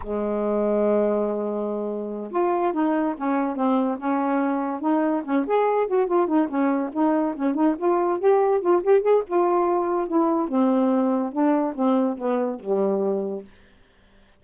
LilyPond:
\new Staff \with { instrumentName = "saxophone" } { \time 4/4 \tempo 4 = 143 gis1~ | gis4. f'4 dis'4 cis'8~ | cis'8 c'4 cis'2 dis'8~ | dis'8 cis'8 gis'4 fis'8 f'8 dis'8 cis'8~ |
cis'8 dis'4 cis'8 dis'8 f'4 g'8~ | g'8 f'8 g'8 gis'8 f'2 | e'4 c'2 d'4 | c'4 b4 g2 | }